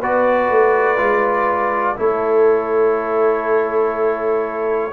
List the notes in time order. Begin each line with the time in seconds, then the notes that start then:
0.00 B3 F#4 B4 D5
0.50 A3
0.98 G#3 F4
1.97 A3 E4 A4 C#5